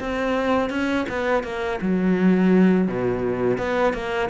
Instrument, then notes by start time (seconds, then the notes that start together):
cello
0.00 C4
0.70 C#4
1.09 B3
1.44 A#3
1.82 F#3
2.88 B2
3.58 B3
3.94 A#3